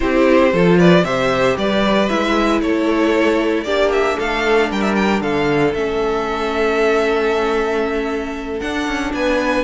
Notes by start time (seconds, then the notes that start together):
0.00 C4 E4 G4 C5
0.52 F3 F4 A4
0.77 B4 D5
1.03 C3 G4 C5 E5
1.57 G3 B4 D5
2.08 G#3 E4 E5
2.61 A3 A4 C#5
3.63 A#3 D4 G4 D5
3.92 E5
4.17 A3 A4 F5
4.70 G3 A#4 G5
4.81 E5
4.95 G5
5.20 D3 A4 F5
5.73 A3 C#4 E5
8.60 D4 F#5
8.87 C#4
9.13 B3 B4 G#5